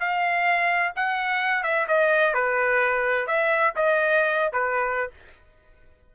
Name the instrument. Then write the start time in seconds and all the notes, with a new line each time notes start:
trumpet
0.00 F5
0.96 F#5
1.64 E5
1.88 D#5
2.34 B4
3.27 E5
3.76 D#5
4.53 B4